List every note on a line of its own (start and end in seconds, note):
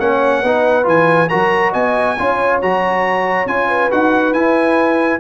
0.00 0.43 A#3
0.00 0.44 C#4
0.00 0.43 C#5
0.00 0.87 F#5
0.43 0.87 B3
0.43 0.84 D#4
0.43 1.30 B4
0.84 1.30 E3
0.84 1.27 F4
0.84 1.29 G#5
1.29 1.74 F#3
1.29 2.18 F#4
1.29 1.73 A#4
1.29 1.73 A#5
1.73 2.18 B3
1.73 2.16 D#5
1.73 2.61 G#5
2.18 2.62 C#4
2.18 2.62 F4
2.18 3.69 C#5
2.62 3.46 F#3
2.62 3.48 F#4
2.62 3.48 A#5
3.46 3.89 C#4
3.46 3.91 F4
3.46 3.91 G#5
3.69 5.21 B4
3.91 4.33 D#4
3.91 4.35 F#4
3.91 4.34 F#5
4.33 5.20 E4
4.33 5.21 E4
4.33 5.21 G#5